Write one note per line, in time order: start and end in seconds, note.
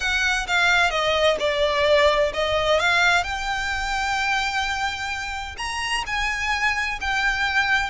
0.00 0.47 F#5
0.47 0.90 F5
0.90 1.36 D#5
1.39 2.32 D5
2.33 2.79 D#5
2.79 3.23 F5
3.23 5.56 G5
5.57 6.04 A#5
6.06 6.99 G#5
7.00 7.90 G5